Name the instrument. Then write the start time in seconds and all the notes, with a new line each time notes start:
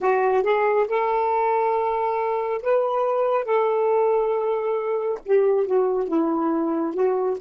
saxophone
0.00 F#4
0.43 G#4
0.88 A4
2.62 B4
3.44 A4
5.25 G4
5.66 F#4
6.08 E4
6.94 F#4